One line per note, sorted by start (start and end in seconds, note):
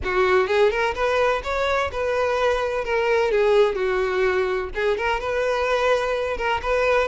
0.04 0.47 F#4
0.47 0.70 G#4
0.70 0.94 A#4
0.94 1.42 B4
1.43 1.90 C#5
1.92 2.84 B4
2.84 3.31 A#4
3.31 3.75 G#4
3.75 4.69 F#4
4.74 4.97 G#4
4.97 5.20 A#4
5.20 6.37 B4
6.37 6.60 A#4
6.62 7.07 B4